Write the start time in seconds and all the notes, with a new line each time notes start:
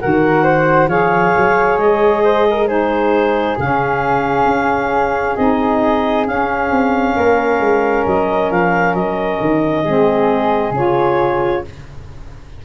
0.00 D#3 F#4 A#4 F#5
0.43 C5
0.87 F3 G#4 C#5 F5
1.37 F#3
1.77 G#3 D#5
2.24 C5
2.50 A#4
2.67 D#4 G#4 C5
3.58 C#3 C#4 F5
4.45 C#4
5.36 C4 D#4 D#5
6.26 C#4 F5
6.70 C4
7.15 A#3 A#4
7.60 G#3
8.06 F#3 D#5
8.51 F3 F5
8.94 F#3 D#5
9.40 D#3
9.84 G#3 C4 G#4
10.70 C#3 F4 C#5